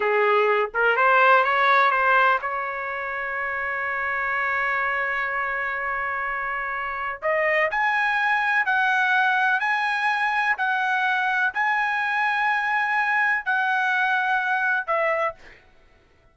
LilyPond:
\new Staff \with { instrumentName = "trumpet" } { \time 4/4 \tempo 4 = 125 gis'4. ais'8 c''4 cis''4 | c''4 cis''2.~ | cis''1~ | cis''2. dis''4 |
gis''2 fis''2 | gis''2 fis''2 | gis''1 | fis''2. e''4 | }